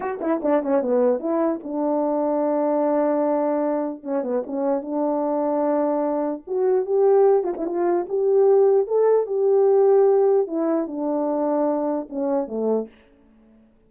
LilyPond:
\new Staff \with { instrumentName = "horn" } { \time 4/4 \tempo 4 = 149 fis'8 e'8 d'8 cis'8 b4 e'4 | d'1~ | d'2 cis'8 b8 cis'4 | d'1 |
fis'4 g'4. f'16 e'16 f'4 | g'2 a'4 g'4~ | g'2 e'4 d'4~ | d'2 cis'4 a4 | }